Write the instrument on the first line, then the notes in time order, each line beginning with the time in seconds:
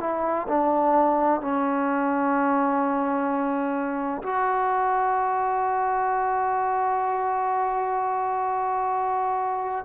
trombone
0.00 E4
0.48 D4
1.41 C#4
4.22 F#4